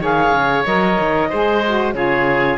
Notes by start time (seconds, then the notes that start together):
0.00 D#3 G#4 C#5 F5
0.33 C#3
0.66 F#3 A#4 D#5
1.00 D#3
1.30 G#3 G#4 C5
1.67 F#4
1.94 C#3 F4 G#4 C#5